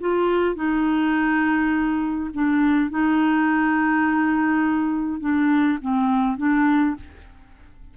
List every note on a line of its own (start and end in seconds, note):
0.00 0.55 F4
0.55 2.30 D#4
2.34 2.90 D4
2.90 5.20 D#4
5.20 5.78 D4
5.81 6.38 C4
6.38 6.96 D4